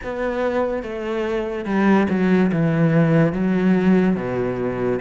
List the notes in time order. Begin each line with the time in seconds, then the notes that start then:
0.03 B3
0.83 A3
1.65 G3
2.09 F#3
2.52 E3
3.33 F#3
4.16 B2